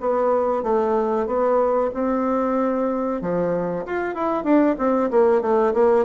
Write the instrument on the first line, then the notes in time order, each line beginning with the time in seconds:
bassoon
0.00 B3
0.63 A3
1.27 B3
1.94 C4
3.21 F3
3.86 F4
4.14 E4
4.44 D4
4.78 C4
5.11 A#3
5.41 A3
5.74 A#3